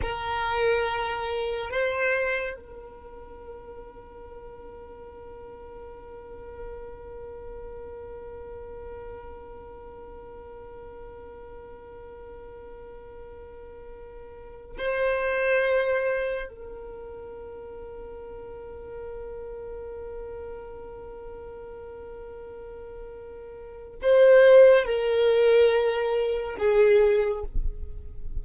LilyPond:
\new Staff \with { instrumentName = "violin" } { \time 4/4 \tempo 4 = 70 ais'2 c''4 ais'4~ | ais'1~ | ais'1~ | ais'1~ |
ais'4~ ais'16 c''2 ais'8.~ | ais'1~ | ais'1 | c''4 ais'2 gis'4 | }